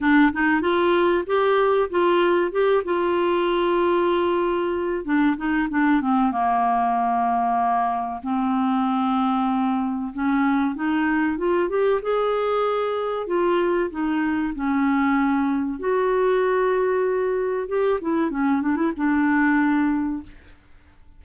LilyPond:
\new Staff \with { instrumentName = "clarinet" } { \time 4/4 \tempo 4 = 95 d'8 dis'8 f'4 g'4 f'4 | g'8 f'2.~ f'8 | d'8 dis'8 d'8 c'8 ais2~ | ais4 c'2. |
cis'4 dis'4 f'8 g'8 gis'4~ | gis'4 f'4 dis'4 cis'4~ | cis'4 fis'2. | g'8 e'8 cis'8 d'16 e'16 d'2 | }